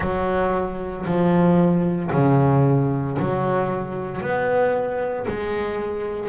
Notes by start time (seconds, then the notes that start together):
0.00 F#3
1.05 F3
2.12 C#3
3.19 F#3
4.21 B3
5.27 G#3